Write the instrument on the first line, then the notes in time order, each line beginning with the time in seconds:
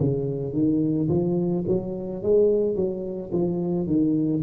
tuba
0.00 C#3
0.53 D#3
1.09 F3
1.67 F#3
2.23 G#3
2.76 F#3
3.32 F3
3.87 D#3